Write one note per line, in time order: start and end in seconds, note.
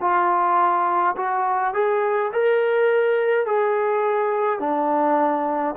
0.00 1.15 F4
1.16 1.74 F#4
1.74 2.31 G#4
2.33 3.46 A#4
3.46 4.59 G#4
4.59 5.75 D4